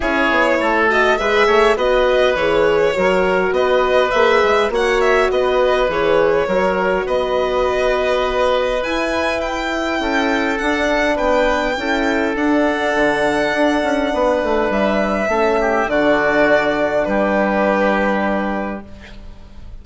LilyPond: <<
  \new Staff \with { instrumentName = "violin" } { \time 4/4 \tempo 4 = 102 cis''4. dis''8 e''4 dis''4 | cis''2 dis''4 e''4 | fis''8 e''8 dis''4 cis''2 | dis''2. gis''4 |
g''2 fis''4 g''4~ | g''4 fis''2.~ | fis''4 e''2 d''4~ | d''4 b'2. | }
  \new Staff \with { instrumentName = "oboe" } { \time 4/4 gis'4 a'4 b'8 cis''8 b'4~ | b'4 ais'4 b'2 | cis''4 b'2 ais'4 | b'1~ |
b'4 a'2 b'4 | a'1 | b'2 a'8 g'8 fis'4~ | fis'4 g'2. | }
  \new Staff \with { instrumentName = "horn" } { \time 4/4 e'4. fis'8 gis'4 fis'4 | gis'4 fis'2 gis'4 | fis'2 gis'4 fis'4~ | fis'2. e'4~ |
e'2 d'2 | e'4 d'2.~ | d'2 cis'4 d'4~ | d'1 | }
  \new Staff \with { instrumentName = "bassoon" } { \time 4/4 cis'8 b8 a4 gis8 a8 b4 | e4 fis4 b4 ais8 gis8 | ais4 b4 e4 fis4 | b2. e'4~ |
e'4 cis'4 d'4 b4 | cis'4 d'4 d4 d'8 cis'8 | b8 a8 g4 a4 d4~ | d4 g2. | }
>>